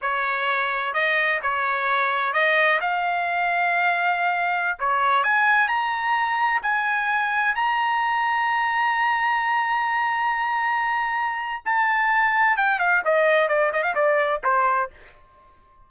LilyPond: \new Staff \with { instrumentName = "trumpet" } { \time 4/4 \tempo 4 = 129 cis''2 dis''4 cis''4~ | cis''4 dis''4 f''2~ | f''2~ f''16 cis''4 gis''8.~ | gis''16 ais''2 gis''4.~ gis''16~ |
gis''16 ais''2.~ ais''8.~ | ais''1~ | ais''4 a''2 g''8 f''8 | dis''4 d''8 dis''16 f''16 d''4 c''4 | }